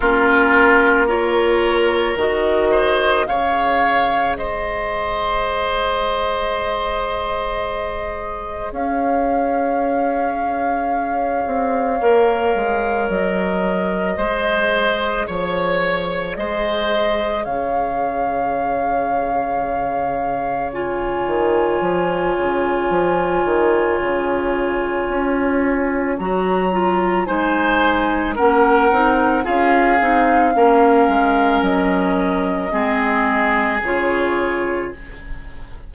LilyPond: <<
  \new Staff \with { instrumentName = "flute" } { \time 4/4 \tempo 4 = 55 ais'4 cis''4 dis''4 f''4 | dis''1 | f''1 | dis''2 cis''4 dis''4 |
f''2. gis''4~ | gis''1 | ais''4 gis''4 fis''4 f''4~ | f''4 dis''2 cis''4 | }
  \new Staff \with { instrumentName = "oboe" } { \time 4/4 f'4 ais'4. c''8 cis''4 | c''1 | cis''1~ | cis''4 c''4 cis''4 c''4 |
cis''1~ | cis''1~ | cis''4 c''4 ais'4 gis'4 | ais'2 gis'2 | }
  \new Staff \with { instrumentName = "clarinet" } { \time 4/4 cis'4 f'4 fis'4 gis'4~ | gis'1~ | gis'2. ais'4~ | ais'4 gis'2.~ |
gis'2. f'4~ | f'1 | fis'8 f'8 dis'4 cis'8 dis'8 f'8 dis'8 | cis'2 c'4 f'4 | }
  \new Staff \with { instrumentName = "bassoon" } { \time 4/4 ais2 dis4 cis4 | gis1 | cis'2~ cis'8 c'8 ais8 gis8 | fis4 gis4 f4 gis4 |
cis2.~ cis8 dis8 | f8 cis8 f8 dis8 cis4 cis'4 | fis4 gis4 ais8 c'8 cis'8 c'8 | ais8 gis8 fis4 gis4 cis4 | }
>>